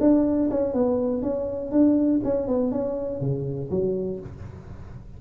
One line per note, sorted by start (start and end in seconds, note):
0.00 0.49 D4
0.50 0.73 C#4
0.73 1.22 B3
1.22 1.71 C#4
1.71 2.20 D4
2.24 2.47 C#4
2.47 2.71 B3
2.71 3.20 C#4
3.20 3.69 C#3
3.70 4.19 F#3